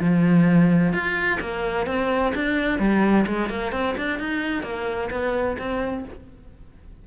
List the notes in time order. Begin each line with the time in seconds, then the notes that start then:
0.00 F3
0.93 F4
1.40 A#3
1.86 C4
2.35 D4
2.79 G3
3.27 G#3
3.49 A#3
3.72 C4
3.97 D4
4.19 D#4
4.63 A#3
5.10 B3
5.58 C4